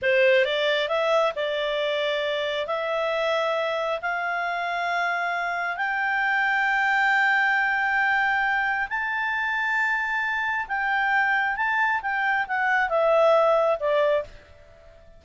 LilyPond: \new Staff \with { instrumentName = "clarinet" } { \time 4/4 \tempo 4 = 135 c''4 d''4 e''4 d''4~ | d''2 e''2~ | e''4 f''2.~ | f''4 g''2.~ |
g''1 | a''1 | g''2 a''4 g''4 | fis''4 e''2 d''4 | }